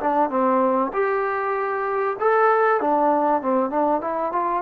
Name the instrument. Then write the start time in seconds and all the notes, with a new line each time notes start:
trombone
0.00 D4
0.30 C4
0.93 G4
2.20 A4
2.81 D4
3.42 C4
3.70 D4
4.01 E4
4.32 F4